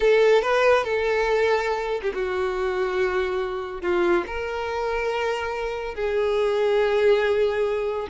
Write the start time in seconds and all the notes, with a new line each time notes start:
0.00 A4
0.41 B4
0.84 A4
2.02 G4
2.14 F#4
3.81 F4
4.27 A#4
5.95 G#4